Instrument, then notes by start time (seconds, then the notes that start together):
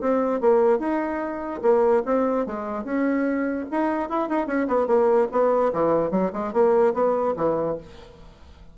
bassoon
0.00 C4
0.40 A#3
0.79 D#4
1.62 A#3
2.05 C4
2.46 G#3
2.84 C#4
3.71 D#4
4.09 E4
4.29 D#4
4.47 C#4
4.68 B3
4.86 A#3
5.31 B3
5.73 E3
6.10 F#3
6.33 G#3
6.53 A#3
6.94 B3
7.36 E3